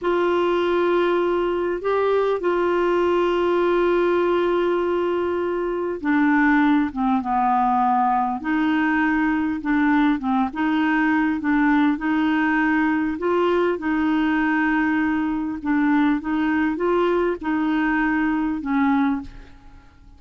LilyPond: \new Staff \with { instrumentName = "clarinet" } { \time 4/4 \tempo 4 = 100 f'2. g'4 | f'1~ | f'2 d'4. c'8 | b2 dis'2 |
d'4 c'8 dis'4. d'4 | dis'2 f'4 dis'4~ | dis'2 d'4 dis'4 | f'4 dis'2 cis'4 | }